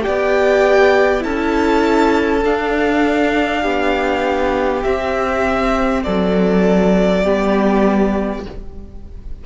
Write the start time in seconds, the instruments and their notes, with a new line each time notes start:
0.00 viola G4, violin D5 G5
0.07 cello B3
1.20 cello C#4, viola E4, violin A4 A5
2.43 viola D4, cello D4, violin F5
3.61 cello B3, violin G4
4.83 viola C4, cello C4, violin E5
6.03 cello F#3, violin A4 D5
7.23 cello G3, viola B3, violin G4